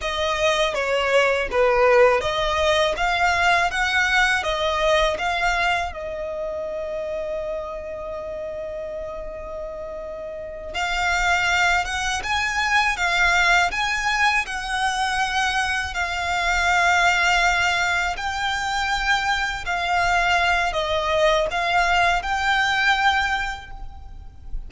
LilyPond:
\new Staff \with { instrumentName = "violin" } { \time 4/4 \tempo 4 = 81 dis''4 cis''4 b'4 dis''4 | f''4 fis''4 dis''4 f''4 | dis''1~ | dis''2~ dis''8 f''4. |
fis''8 gis''4 f''4 gis''4 fis''8~ | fis''4. f''2~ f''8~ | f''8 g''2 f''4. | dis''4 f''4 g''2 | }